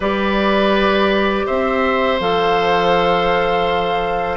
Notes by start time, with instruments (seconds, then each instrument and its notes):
0.00 bassoon G3, clarinet G4, oboe B4, flute D5
1.46 bassoon C4, oboe C5, flute E5
2.20 bassoon F3, clarinet A4, flute F5